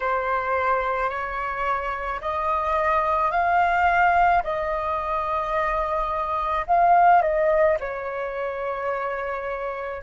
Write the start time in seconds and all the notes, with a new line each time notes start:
0.00 C5
1.09 C#5
2.21 D#5
3.31 F5
4.43 D#5
6.67 F5
7.22 D#5
7.80 C#5